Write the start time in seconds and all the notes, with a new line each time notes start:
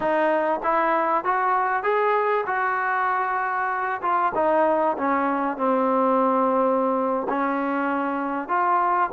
0.00 D#4
0.63 E4
1.24 F#4
1.82 G#4
2.46 F#4
4.01 F4
4.34 D#4
4.97 C#4
5.57 C4
7.28 C#4
8.48 F4